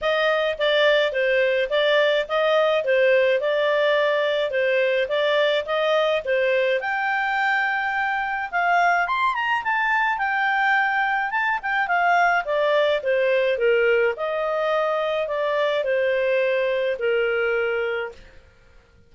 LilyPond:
\new Staff \with { instrumentName = "clarinet" } { \time 4/4 \tempo 4 = 106 dis''4 d''4 c''4 d''4 | dis''4 c''4 d''2 | c''4 d''4 dis''4 c''4 | g''2. f''4 |
c'''8 ais''8 a''4 g''2 | a''8 g''8 f''4 d''4 c''4 | ais'4 dis''2 d''4 | c''2 ais'2 | }